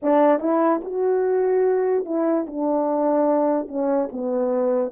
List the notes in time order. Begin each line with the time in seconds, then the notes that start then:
0.02 D4
0.39 E4
0.84 F#4
2.05 E4
2.47 D4
3.68 C#4
4.12 B3